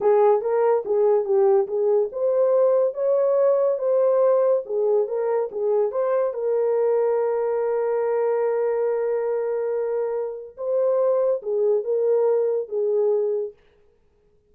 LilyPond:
\new Staff \with { instrumentName = "horn" } { \time 4/4 \tempo 4 = 142 gis'4 ais'4 gis'4 g'4 | gis'4 c''2 cis''4~ | cis''4 c''2 gis'4 | ais'4 gis'4 c''4 ais'4~ |
ais'1~ | ais'1~ | ais'4 c''2 gis'4 | ais'2 gis'2 | }